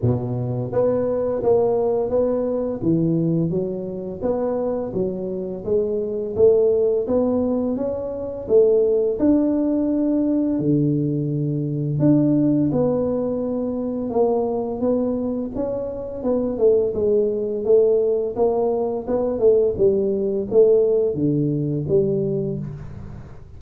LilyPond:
\new Staff \with { instrumentName = "tuba" } { \time 4/4 \tempo 4 = 85 b,4 b4 ais4 b4 | e4 fis4 b4 fis4 | gis4 a4 b4 cis'4 | a4 d'2 d4~ |
d4 d'4 b2 | ais4 b4 cis'4 b8 a8 | gis4 a4 ais4 b8 a8 | g4 a4 d4 g4 | }